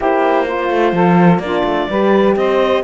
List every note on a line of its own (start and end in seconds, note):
0.00 0.70 A#3
0.00 0.46 E4
0.00 0.44 G4
0.00 1.40 C5
0.44 0.92 F4
0.44 1.40 F4
0.70 0.92 A3
0.92 1.39 F3
0.92 1.42 A4
1.39 1.62 A#3
1.39 1.91 D4
1.39 1.89 F4
1.39 2.34 D5
1.63 1.87 A3
1.89 2.36 G3
1.89 2.83 G4
1.89 2.36 B4
2.36 2.83 C4
2.36 2.83 C5
2.36 2.83 D#5